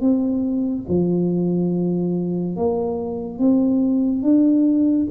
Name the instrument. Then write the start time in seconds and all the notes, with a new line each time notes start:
tuba
0.00 C4
0.88 F3
2.56 A#3
3.38 C4
4.22 D4